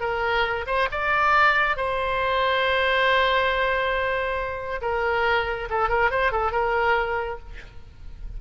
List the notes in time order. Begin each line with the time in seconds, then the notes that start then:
0.00 A#4
0.67 C5
0.91 D5
1.76 C5
4.81 A#4
5.70 A4
5.89 A#4
6.10 C5
6.31 A4
6.52 A#4